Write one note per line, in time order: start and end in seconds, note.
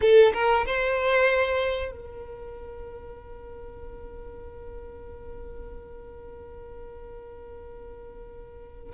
0.01 0.32 A4
0.33 0.65 A#4
0.66 1.91 C5
1.91 8.93 A#4